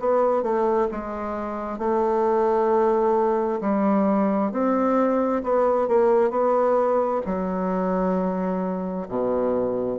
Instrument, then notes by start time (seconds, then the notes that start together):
bassoon
0.00 B3
0.43 A3
0.92 G#3
1.79 A3
3.61 G3
4.52 C4
5.44 B3
5.88 A#3
6.31 B3
7.26 F#3
9.09 B2